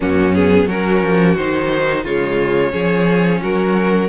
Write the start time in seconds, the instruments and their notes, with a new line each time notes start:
0.00 cello F#2, viola A#3, violin C#4 F#4
0.34 viola B3, violin G#4
0.67 cello F#3, viola C#4, violin F#4 A#4
1.02 cello F3
1.36 cello D#3, viola D#4, violin C5
2.03 cello C#3, viola G#3, violin F4 C#5
2.71 cello F3, viola C#4, violin G#4
3.41 cello F#3, violin F#4 A#4